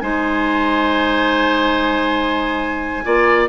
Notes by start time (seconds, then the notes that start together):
0.00 G#3 D#4 C5 G#5
3.04 A#3 F4 D5